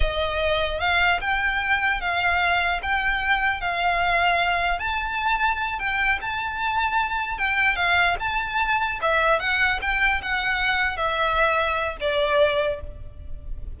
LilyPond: \new Staff \with { instrumentName = "violin" } { \time 4/4 \tempo 4 = 150 dis''2 f''4 g''4~ | g''4 f''2 g''4~ | g''4 f''2. | a''2~ a''8 g''4 a''8~ |
a''2~ a''8 g''4 f''8~ | f''8 a''2 e''4 fis''8~ | fis''8 g''4 fis''2 e''8~ | e''2 d''2 | }